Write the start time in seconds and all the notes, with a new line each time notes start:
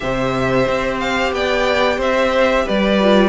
0.00 C3 G4 C5 E5
0.67 C4
0.99 F5
1.32 B3 D5 G5
1.97 C4 C5 E5
2.65 G3 B4 D5
3.00 F4